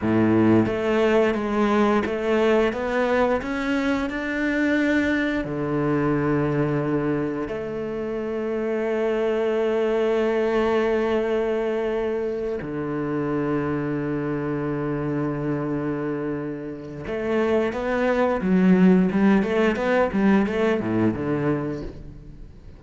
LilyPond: \new Staff \with { instrumentName = "cello" } { \time 4/4 \tempo 4 = 88 a,4 a4 gis4 a4 | b4 cis'4 d'2 | d2. a4~ | a1~ |
a2~ a8 d4.~ | d1~ | d4 a4 b4 fis4 | g8 a8 b8 g8 a8 a,8 d4 | }